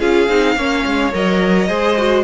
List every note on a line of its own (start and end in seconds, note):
0.00 0.29 C#4
0.00 0.29 F4
0.00 0.57 G#4
0.00 1.14 F5
0.29 0.56 C4
0.29 0.58 D#4
0.56 0.85 A#3
0.56 1.12 C#4
0.56 1.68 C#5
0.86 1.14 G#3
1.12 1.70 F#3
1.12 1.68 A#4
1.12 2.24 D#5
1.68 2.24 G#3
1.68 1.97 G#4
1.68 2.24 C5
1.98 2.24 F#4